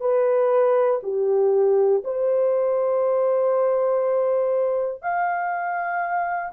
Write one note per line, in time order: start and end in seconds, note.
0.00 1.00 B4
1.03 2.03 G4
2.04 5.02 C5
5.02 6.52 F5